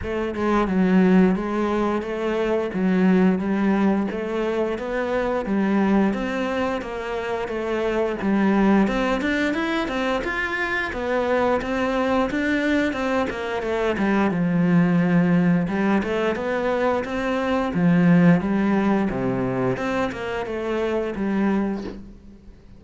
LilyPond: \new Staff \with { instrumentName = "cello" } { \time 4/4 \tempo 4 = 88 a8 gis8 fis4 gis4 a4 | fis4 g4 a4 b4 | g4 c'4 ais4 a4 | g4 c'8 d'8 e'8 c'8 f'4 |
b4 c'4 d'4 c'8 ais8 | a8 g8 f2 g8 a8 | b4 c'4 f4 g4 | c4 c'8 ais8 a4 g4 | }